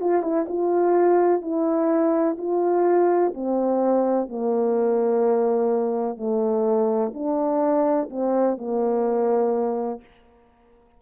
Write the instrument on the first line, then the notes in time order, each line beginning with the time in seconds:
horn
0.00 F4
0.22 E4
0.48 F4
1.42 E4
2.38 F4
3.34 C4
4.29 A#3
6.17 A3
7.14 D4
8.10 C4
8.58 A#3